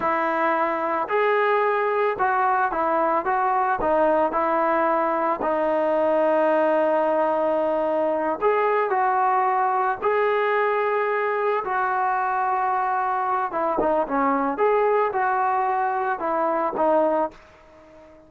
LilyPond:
\new Staff \with { instrumentName = "trombone" } { \time 4/4 \tempo 4 = 111 e'2 gis'2 | fis'4 e'4 fis'4 dis'4 | e'2 dis'2~ | dis'2.~ dis'8 gis'8~ |
gis'8 fis'2 gis'4.~ | gis'4. fis'2~ fis'8~ | fis'4 e'8 dis'8 cis'4 gis'4 | fis'2 e'4 dis'4 | }